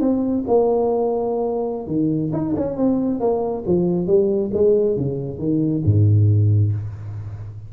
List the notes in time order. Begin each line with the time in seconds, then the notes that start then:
0.00 C4
0.47 A#3
1.87 D#3
2.33 D#4
2.56 C#4
2.77 C4
3.20 A#3
3.66 F3
4.07 G3
4.53 G#3
4.96 C#3
5.38 D#3
5.85 G#2